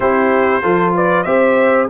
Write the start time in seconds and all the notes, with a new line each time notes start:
0.00 C4 E4 G4 C5
0.62 F3 F4 A4
0.94 B4 D5
1.23 C4 G4 C5 E5